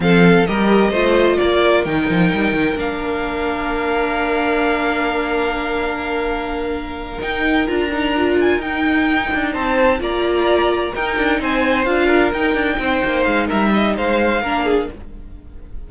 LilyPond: <<
  \new Staff \with { instrumentName = "violin" } { \time 4/4 \tempo 4 = 129 f''4 dis''2 d''4 | g''2 f''2~ | f''1~ | f''2.~ f''8 g''8~ |
g''8 ais''4. gis''8 g''4.~ | g''8 a''4 ais''2 g''8~ | g''8 gis''4 f''4 g''4.~ | g''8 f''8 e''4 f''2 | }
  \new Staff \with { instrumentName = "violin" } { \time 4/4 a'4 ais'4 c''4 ais'4~ | ais'1~ | ais'1~ | ais'1~ |
ais'1~ | ais'8 c''4 d''2 ais'8~ | ais'8 c''4. ais'4. c''8~ | c''4 ais'8 dis''8 c''4 ais'8 gis'8 | }
  \new Staff \with { instrumentName = "viola" } { \time 4/4 c'4 g'4 f'2 | dis'2 d'2~ | d'1~ | d'2.~ d'8 dis'8~ |
dis'8 f'8 dis'8 f'4 dis'4.~ | dis'4. f'2 dis'8~ | dis'4. f'4 dis'4.~ | dis'2. d'4 | }
  \new Staff \with { instrumentName = "cello" } { \time 4/4 f4 g4 a4 ais4 | dis8 f8 g8 dis8 ais2~ | ais1~ | ais2.~ ais8 dis'8~ |
dis'8 d'2 dis'4. | d'8 c'4 ais2 dis'8 | d'8 c'4 d'4 dis'8 d'8 c'8 | ais8 gis8 g4 gis4 ais4 | }
>>